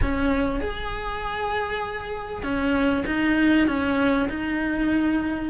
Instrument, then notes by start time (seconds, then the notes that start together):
cello
0.01 C#4
0.60 G#4
2.42 C#4
3.06 D#4
3.67 C#4
4.29 D#4